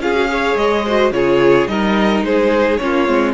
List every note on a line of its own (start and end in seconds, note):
0.00 0.56 C#4
0.00 0.15 F4
0.00 0.31 G#4
0.00 0.57 F5
0.15 0.28 F#4
0.28 0.84 G#4
0.28 0.86 C#5
0.56 1.11 G#3
0.56 1.12 D#5
0.86 1.13 F#4
0.86 1.13 C5
1.11 1.67 C#3
1.11 1.68 F4
1.11 1.71 G#4
1.11 1.68 C#5
1.68 2.22 G3
1.68 2.79 D#4
1.68 2.26 A#4
1.68 2.23 D#5
2.22 2.78 G#3
2.22 2.82 G#4
2.22 2.77 C5
2.77 3.09 A#3
2.77 3.07 C#4
2.77 3.34 F4
2.77 3.33 C#5
3.07 3.34 G#3
3.07 3.34 C4